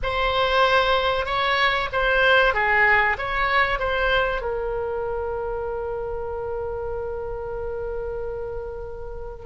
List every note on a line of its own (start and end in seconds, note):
0.02 1.25 C5
1.25 1.88 C#5
1.92 2.53 C5
2.53 3.17 G#4
3.18 3.79 C#5
3.79 4.41 C5
4.41 9.46 A#4